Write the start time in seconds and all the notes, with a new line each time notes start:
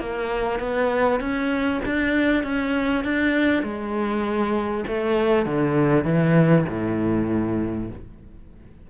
0.00 A#3
0.60 B3
1.20 C#4
1.86 D4
2.44 C#4
3.04 D4
3.63 G#3
4.88 A3
5.46 D3
6.04 E3
6.69 A2